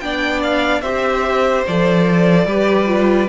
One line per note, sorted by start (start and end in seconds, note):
0.00 0.82 B3
0.00 0.83 D4
0.00 0.82 D5
0.00 0.41 G5
0.43 0.81 F5
0.81 1.64 C4
0.81 1.65 G4
0.81 2.46 C5
0.81 1.64 E5
1.66 2.46 F3
1.66 2.48 A4
1.66 3.29 D5
2.46 3.28 G3
2.46 2.86 G4
2.46 3.29 B4
2.86 3.27 F4